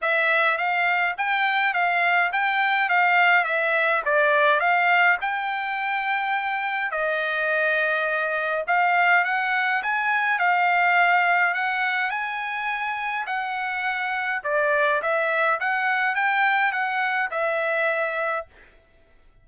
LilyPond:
\new Staff \with { instrumentName = "trumpet" } { \time 4/4 \tempo 4 = 104 e''4 f''4 g''4 f''4 | g''4 f''4 e''4 d''4 | f''4 g''2. | dis''2. f''4 |
fis''4 gis''4 f''2 | fis''4 gis''2 fis''4~ | fis''4 d''4 e''4 fis''4 | g''4 fis''4 e''2 | }